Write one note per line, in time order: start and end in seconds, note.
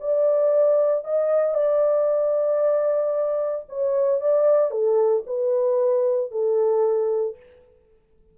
0.00 1.05 D5
1.05 1.55 D#5
1.55 3.65 D5
3.69 4.21 C#5
4.21 4.71 D5
4.71 5.24 A4
5.27 6.31 B4
6.31 7.36 A4